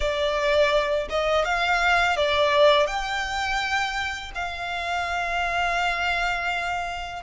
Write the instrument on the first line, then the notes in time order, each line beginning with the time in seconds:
violin
0.00 D5
1.09 D#5
1.44 F5
2.16 D5
2.87 G5
4.34 F5